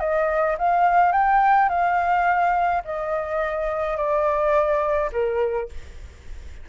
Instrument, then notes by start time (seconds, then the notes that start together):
flute
0.00 D#5
0.58 F5
1.12 G5
1.69 F5
2.85 D#5
3.97 D5
5.12 A#4